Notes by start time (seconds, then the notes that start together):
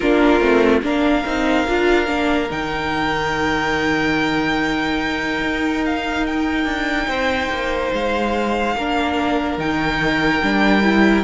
0.00 A#3 D4 F4 A#4
0.40 A3 C4
0.82 A#3 D4 A#4 F5
1.25 C4 D#4
1.67 D4 F4
2.06 A#3 D4
2.50 D#3 D#4 G5
5.41 D#4
5.85 F5
6.26 G5
6.64 D4
7.07 C4 C5
7.50 A#3
7.92 G#3 F5
8.75 A#3 D4 A#4
9.57 D#3 D#4 G5
10.43 G3 D4
10.82 E4